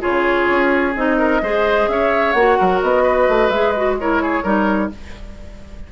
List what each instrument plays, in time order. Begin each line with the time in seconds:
0.00 bassoon C#3, clarinet F4, oboe G#4, flute C#5
0.50 bassoon C#4
0.95 bassoon C4, clarinet D#4, flute D#5
1.18 oboe A#4
1.41 bassoon G#3, clarinet G#4, oboe C5
1.87 bassoon C#4, oboe C#5, flute E5
2.32 bassoon A#3, clarinet F#4, flute F#5
2.58 bassoon F#3, oboe A#4
2.82 bassoon B3, flute D#5
3.03 oboe B4
3.28 bassoon A3
3.49 bassoon G#3, clarinet G#4, flute E5
3.71 clarinet F#4, flute D#5
3.99 clarinet E4, oboe A#4, flute C#5
4.22 oboe G#4
4.43 bassoon G3, clarinet D#4, oboe A#4